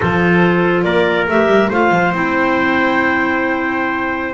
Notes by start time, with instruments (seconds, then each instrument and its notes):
0.00 double bass F3, clarinet F4 C5, trumpet A4
0.83 double bass A#3, trumpet A#4, clarinet D5
1.28 double bass A3, clarinet G4 E5
1.47 double bass G3
1.69 double bass A3, clarinet F4 F5, trumpet C5
1.91 double bass F3
2.12 double bass C4, clarinet E4 G5